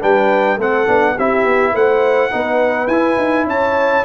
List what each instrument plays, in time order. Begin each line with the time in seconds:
0.00 tuba G3, trombone D4, horn B4, trumpet G5
0.56 tuba A3, trombone C4, horn A4, trumpet F#5
0.86 tuba B3, trombone D4
1.15 tuba C4, trombone E4, horn G4, trumpet E5
1.44 tuba B3
1.73 tuba A3, horn C5, trumpet F#5
2.30 tuba B3, trombone D#4, horn B4
2.87 tuba E4, trombone E4, trumpet G#5
3.17 tuba D#4
3.46 tuba C#4, horn C#5, trumpet A5